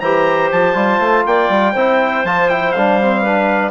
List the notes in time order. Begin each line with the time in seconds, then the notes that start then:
0.00 E3 G4 C5 A#5
0.52 F3 A5
0.74 G3 F4
0.99 A3
1.26 A#3 D5 G5
1.49 G3
1.73 C4 E4 C5
2.24 F3 F4 A5
2.49 E4 G5
2.72 G3 D4 F5
3.01 C4
3.22 D4 B4